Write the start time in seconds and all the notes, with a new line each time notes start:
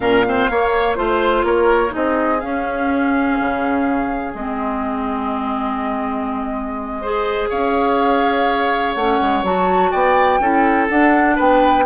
0.00 A#2 C#4 A#4 F5
0.25 C4 C5
0.49 A#3 C#5
0.95 A3 F4 C5
1.43 A#3 A#4 C#5
1.89 D#4 G#4 D#5
1.95 C4
2.40 C#4 F5
3.40 C#3
4.34 G#3 C4 D#5
7.01 G#4 C5
7.49 C#4 C#5 F5
8.94 A3 C#4 F#5
9.20 G#3
9.43 F#3 F#4 A5
9.91 B3 D5 G5
10.39 C#4 E4 A4
10.88 D4 F#5
11.35 B3 B4 G5